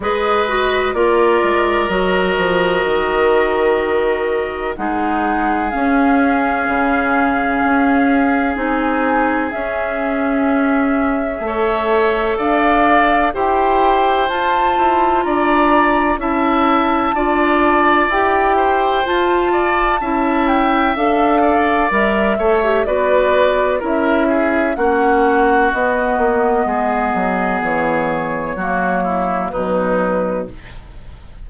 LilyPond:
<<
  \new Staff \with { instrumentName = "flute" } { \time 4/4 \tempo 4 = 63 dis''4 d''4 dis''2~ | dis''4 fis''4 f''2~ | f''4 gis''4 e''2~ | e''4 f''4 g''4 a''4 |
ais''4 a''2 g''4 | a''4. g''8 f''4 e''4 | d''4 e''4 fis''4 dis''4~ | dis''4 cis''2 b'4 | }
  \new Staff \with { instrumentName = "oboe" } { \time 4/4 b'4 ais'2.~ | ais'4 gis'2.~ | gis'1 | cis''4 d''4 c''2 |
d''4 e''4 d''4. c''8~ | c''8 d''8 e''4. d''4 cis''8 | b'4 ais'8 gis'8 fis'2 | gis'2 fis'8 e'8 dis'4 | }
  \new Staff \with { instrumentName = "clarinet" } { \time 4/4 gis'8 fis'8 f'4 fis'2~ | fis'4 dis'4 cis'2~ | cis'4 dis'4 cis'2 | a'2 g'4 f'4~ |
f'4 e'4 f'4 g'4 | f'4 e'4 a'4 ais'8 a'16 g'16 | fis'4 e'4 cis'4 b4~ | b2 ais4 fis4 | }
  \new Staff \with { instrumentName = "bassoon" } { \time 4/4 gis4 ais8 gis8 fis8 f8 dis4~ | dis4 gis4 cis'4 cis4 | cis'4 c'4 cis'2 | a4 d'4 e'4 f'8 e'8 |
d'4 cis'4 d'4 e'4 | f'4 cis'4 d'4 g8 a8 | b4 cis'4 ais4 b8 ais8 | gis8 fis8 e4 fis4 b,4 | }
>>